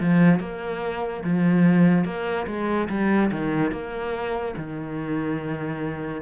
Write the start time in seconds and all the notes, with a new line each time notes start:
0.00 F3
0.40 A#3
1.24 F3
2.05 A#3
2.47 G#3
2.89 G3
3.32 D#3
3.72 A#3
4.57 D#3